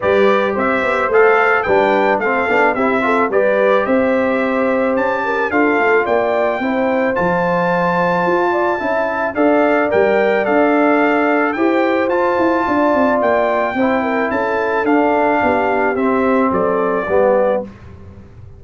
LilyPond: <<
  \new Staff \with { instrumentName = "trumpet" } { \time 4/4 \tempo 4 = 109 d''4 e''4 f''4 g''4 | f''4 e''4 d''4 e''4~ | e''4 a''4 f''4 g''4~ | g''4 a''2.~ |
a''4 f''4 g''4 f''4~ | f''4 g''4 a''2 | g''2 a''4 f''4~ | f''4 e''4 d''2 | }
  \new Staff \with { instrumentName = "horn" } { \time 4/4 b'4 c''2 b'4 | a'4 g'8 a'8 b'4 c''4~ | c''4. ais'8 a'4 d''4 | c''2.~ c''8 d''8 |
e''4 d''2.~ | d''4 c''2 d''4~ | d''4 c''8 ais'8 a'2 | g'2 a'4 g'4 | }
  \new Staff \with { instrumentName = "trombone" } { \time 4/4 g'2 a'4 d'4 | c'8 d'8 e'8 f'8 g'2~ | g'2 f'2 | e'4 f'2. |
e'4 a'4 ais'4 a'4~ | a'4 g'4 f'2~ | f'4 e'2 d'4~ | d'4 c'2 b4 | }
  \new Staff \with { instrumentName = "tuba" } { \time 4/4 g4 c'8 b8 a4 g4 | a8 b8 c'4 g4 c'4~ | c'4 cis'4 d'8 a8 ais4 | c'4 f2 f'4 |
cis'4 d'4 g4 d'4~ | d'4 e'4 f'8 e'8 d'8 c'8 | ais4 c'4 cis'4 d'4 | b4 c'4 fis4 g4 | }
>>